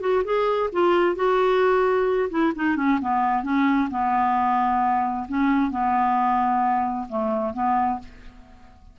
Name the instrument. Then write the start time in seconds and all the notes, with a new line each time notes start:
clarinet
0.00 F#4
0.24 G#4
0.72 F4
1.15 F#4
2.30 E4
2.55 D#4
2.76 C#4
3.01 B3
3.43 C#4
3.90 B3
5.28 C#4
5.70 B3
7.08 A3
7.53 B3